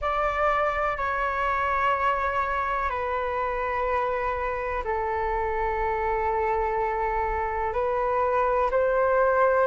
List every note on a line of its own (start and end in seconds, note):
0.00 0.97 D5
0.97 2.89 C#5
2.89 4.83 B4
4.84 7.73 A4
7.73 8.70 B4
8.71 9.67 C5